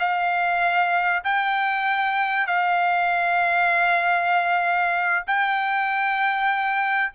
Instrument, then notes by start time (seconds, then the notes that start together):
trumpet
0.00 F5
1.25 G5
2.47 F5
5.27 G5